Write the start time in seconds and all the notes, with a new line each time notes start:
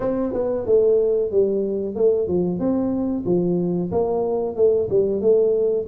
0.00 C4
0.33 B3
0.66 A3
1.31 G3
1.95 A3
2.27 F3
2.59 C4
3.25 F3
3.91 A#3
4.56 A3
4.89 G3
5.21 A3